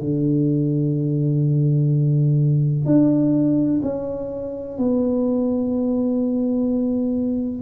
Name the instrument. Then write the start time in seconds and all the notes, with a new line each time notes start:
tuba
0.00 D3
2.86 D4
3.83 C#4
4.78 B3